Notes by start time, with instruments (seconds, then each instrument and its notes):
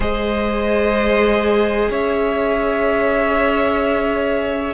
0.00 cello G#3, viola G#4, violin C5 D#5
1.89 cello C#4, violin C#5 E5